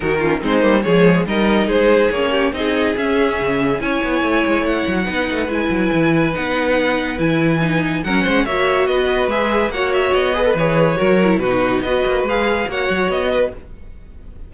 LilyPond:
<<
  \new Staff \with { instrumentName = "violin" } { \time 4/4 \tempo 4 = 142 ais'4 c''4 cis''4 dis''4 | c''4 cis''4 dis''4 e''4~ | e''4 gis''2 fis''4~ | fis''4 gis''2 fis''4~ |
fis''4 gis''2 fis''4 | e''4 dis''4 e''4 fis''8 e''8 | dis''4 cis''2 b'4 | dis''4 f''4 fis''4 dis''4 | }
  \new Staff \with { instrumentName = "violin" } { \time 4/4 fis'8 f'8 dis'4 gis'4 ais'4 | gis'4. g'8 gis'2~ | gis'4 cis''2. | b'1~ |
b'2. ais'8 c''8 | cis''4 b'2 cis''4~ | cis''8 b'4. ais'4 fis'4 | b'2 cis''4. b'8 | }
  \new Staff \with { instrumentName = "viola" } { \time 4/4 dis'8 cis'8 c'8 ais8 gis4 dis'4~ | dis'4 cis'4 dis'4 cis'4~ | cis'4 e'2. | dis'4 e'2 dis'4~ |
dis'4 e'4 dis'4 cis'4 | fis'2 gis'4 fis'4~ | fis'8 gis'16 a'16 gis'4 fis'8 e'8 dis'4 | fis'4 gis'4 fis'2 | }
  \new Staff \with { instrumentName = "cello" } { \time 4/4 dis4 gis8 g8 f4 g4 | gis4 ais4 c'4 cis'4 | cis4 cis'8 b8 a8 gis8 a8 fis8 | b8 a8 gis8 fis8 e4 b4~ |
b4 e2 fis8 gis8 | ais4 b4 gis4 ais4 | b4 e4 fis4 b,4 | b8 ais8 gis4 ais8 fis8 b4 | }
>>